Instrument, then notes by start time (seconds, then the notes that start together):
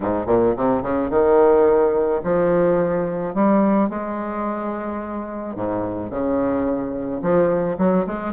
bassoon
0.00 G#2
0.27 A#2
0.56 C3
0.82 C#3
1.10 D#3
2.23 F3
3.34 G3
3.89 G#3
5.55 G#2
6.10 C#3
7.21 F3
7.78 F#3
8.06 G#3